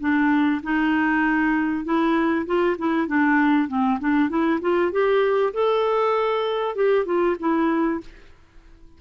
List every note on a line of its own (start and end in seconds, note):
0.00 0.61 D4
0.63 1.84 D#4
1.84 2.45 E4
2.46 2.77 F4
2.78 3.07 E4
3.07 3.68 D4
3.68 3.99 C4
4.00 4.29 D4
4.29 4.60 E4
4.61 4.92 F4
4.92 5.53 G4
5.53 6.75 A4
6.75 7.05 G4
7.05 7.36 F4
7.39 8.01 E4